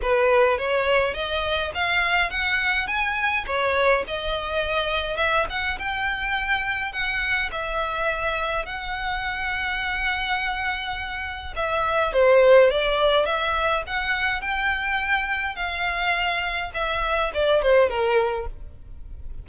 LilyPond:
\new Staff \with { instrumentName = "violin" } { \time 4/4 \tempo 4 = 104 b'4 cis''4 dis''4 f''4 | fis''4 gis''4 cis''4 dis''4~ | dis''4 e''8 fis''8 g''2 | fis''4 e''2 fis''4~ |
fis''1 | e''4 c''4 d''4 e''4 | fis''4 g''2 f''4~ | f''4 e''4 d''8 c''8 ais'4 | }